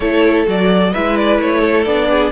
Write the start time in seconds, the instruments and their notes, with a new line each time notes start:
0.00 cello A3, viola E4, violin A4 C#5
0.46 cello F#3, viola F#4, violin D5
0.92 cello G#3, viola E4, violin B4 E5
1.16 violin D5
1.39 cello A3, violin C#5
1.60 violin A4
1.84 cello B3, viola D4, violin D5
2.09 violin G#4